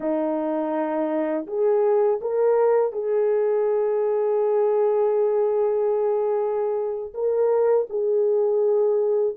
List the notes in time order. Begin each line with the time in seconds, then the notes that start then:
0.00 D#4
1.46 G#4
2.21 A#4
2.92 G#4
7.13 A#4
7.89 G#4